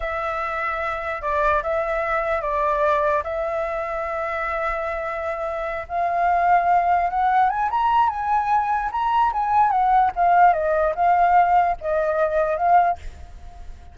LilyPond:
\new Staff \with { instrumentName = "flute" } { \time 4/4 \tempo 4 = 148 e''2. d''4 | e''2 d''2 | e''1~ | e''2~ e''8 f''4.~ |
f''4. fis''4 gis''8 ais''4 | gis''2 ais''4 gis''4 | fis''4 f''4 dis''4 f''4~ | f''4 dis''2 f''4 | }